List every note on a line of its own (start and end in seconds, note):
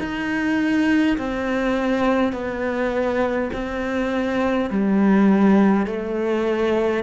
0.00 1.18 D#4
1.18 2.33 C4
2.33 3.50 B3
3.53 4.70 C4
4.70 5.86 G3
5.86 7.03 A3